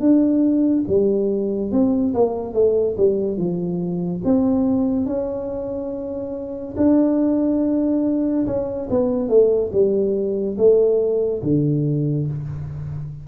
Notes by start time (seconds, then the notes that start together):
0.00 D4
0.88 G3
1.72 C4
2.14 A#3
2.54 A3
2.97 G3
3.37 F3
4.24 C4
5.06 C#4
6.77 D4
8.47 C#4
8.90 B3
9.29 A3
9.73 G3
10.58 A3
11.43 D3